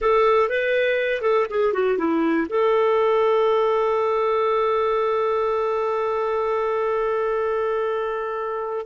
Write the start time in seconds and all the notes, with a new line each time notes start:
0.01 A4
0.49 B4
1.21 A4
1.50 G#4
1.73 F#4
1.97 E4
2.49 A4